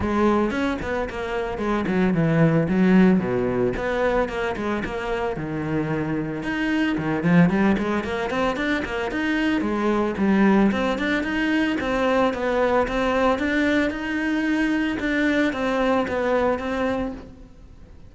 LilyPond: \new Staff \with { instrumentName = "cello" } { \time 4/4 \tempo 4 = 112 gis4 cis'8 b8 ais4 gis8 fis8 | e4 fis4 b,4 b4 | ais8 gis8 ais4 dis2 | dis'4 dis8 f8 g8 gis8 ais8 c'8 |
d'8 ais8 dis'4 gis4 g4 | c'8 d'8 dis'4 c'4 b4 | c'4 d'4 dis'2 | d'4 c'4 b4 c'4 | }